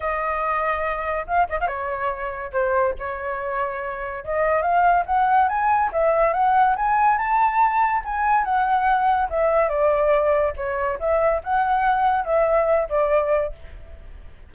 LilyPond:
\new Staff \with { instrumentName = "flute" } { \time 4/4 \tempo 4 = 142 dis''2. f''8 dis''16 f''16 | cis''2 c''4 cis''4~ | cis''2 dis''4 f''4 | fis''4 gis''4 e''4 fis''4 |
gis''4 a''2 gis''4 | fis''2 e''4 d''4~ | d''4 cis''4 e''4 fis''4~ | fis''4 e''4. d''4. | }